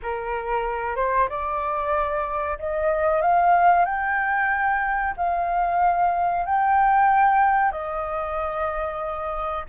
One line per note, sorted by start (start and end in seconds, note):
0.02 0.96 A#4
0.96 1.28 C5
1.29 2.58 D5
2.58 3.21 D#5
3.21 3.85 F5
3.85 5.14 G5
5.16 6.45 F5
6.45 7.71 G5
7.71 9.65 D#5